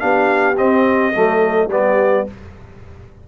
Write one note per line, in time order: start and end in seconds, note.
0.00 0.58 B3
0.00 0.56 D4
0.00 1.13 G4
0.00 0.57 F5
0.57 1.13 C4
0.57 1.14 C4
0.57 1.70 D#5
1.14 1.68 F#3
1.14 1.70 A3
1.14 1.70 A4
1.68 2.24 G3
1.68 2.27 B3
1.68 2.26 G4
1.68 2.28 D5